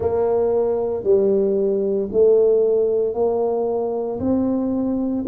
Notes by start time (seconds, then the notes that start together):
0.00 A#3
1.03 G3
2.11 A3
3.13 A#3
4.19 C4